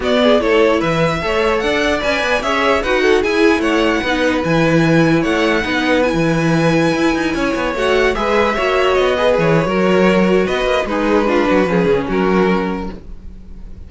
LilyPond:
<<
  \new Staff \with { instrumentName = "violin" } { \time 4/4 \tempo 4 = 149 d''4 cis''4 e''2 | fis''4 gis''4 e''4 fis''4 | gis''4 fis''2 gis''4~ | gis''4 fis''2 gis''4~ |
gis''2.~ gis''16 fis''8.~ | fis''16 e''2 dis''4 cis''8.~ | cis''2 dis''4 b'4~ | b'2 ais'2 | }
  \new Staff \with { instrumentName = "violin" } { \time 4/4 fis'8 gis'8 a'4 b'4 cis''4 | d''2 cis''4 b'8 a'8 | gis'4 cis''4 b'2~ | b'4 cis''4 b'2~ |
b'2~ b'16 cis''4.~ cis''16~ | cis''16 b'4 cis''4. b'4~ b'16 | ais'2 b'4 dis'4 | f'8 fis'8 gis'4 fis'2 | }
  \new Staff \with { instrumentName = "viola" } { \time 4/4 b4 e'2 a'4~ | a'4 b'4 gis'4 fis'4 | e'2 dis'4 e'4~ | e'2 dis'4 e'4~ |
e'2.~ e'16 fis'8.~ | fis'16 gis'4 fis'4. gis'4~ gis'16 | fis'2. gis'4 | d'4 cis'2. | }
  \new Staff \with { instrumentName = "cello" } { \time 4/4 b4 a4 e4 a4 | d'4 cis'8 b8 cis'4 dis'4 | e'4 a4 b4 e4~ | e4 a4 b4~ b16 e8.~ |
e4~ e16 e'8 dis'8 cis'8 b8 a8.~ | a16 gis4 ais4 b4 e8. | fis2 b8 ais8 gis4~ | gis8 fis8 f8 cis8 fis2 | }
>>